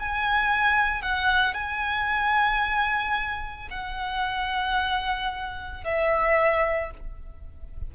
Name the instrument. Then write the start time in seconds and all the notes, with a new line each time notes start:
violin
0.00 G#5
1.03 F#5
1.55 G#5
3.71 F#5
5.84 E5